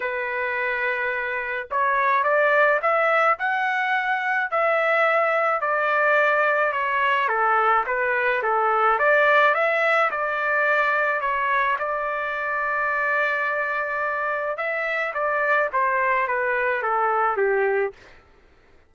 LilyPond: \new Staff \with { instrumentName = "trumpet" } { \time 4/4 \tempo 4 = 107 b'2. cis''4 | d''4 e''4 fis''2 | e''2 d''2 | cis''4 a'4 b'4 a'4 |
d''4 e''4 d''2 | cis''4 d''2.~ | d''2 e''4 d''4 | c''4 b'4 a'4 g'4 | }